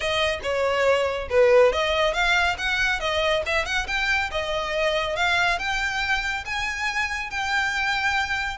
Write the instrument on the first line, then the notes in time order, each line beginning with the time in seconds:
violin
0.00 D#5
0.42 C#5
1.29 B4
1.72 D#5
2.13 F5
2.58 F#5
3.00 D#5
3.46 E5
3.65 F#5
3.87 G5
4.31 D#5
5.15 F5
5.58 G5
6.45 G#5
7.30 G5